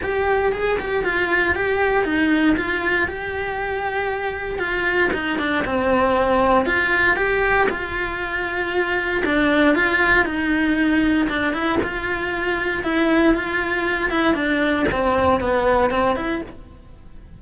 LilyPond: \new Staff \with { instrumentName = "cello" } { \time 4/4 \tempo 4 = 117 g'4 gis'8 g'8 f'4 g'4 | dis'4 f'4 g'2~ | g'4 f'4 dis'8 d'8 c'4~ | c'4 f'4 g'4 f'4~ |
f'2 d'4 f'4 | dis'2 d'8 e'8 f'4~ | f'4 e'4 f'4. e'8 | d'4 c'4 b4 c'8 e'8 | }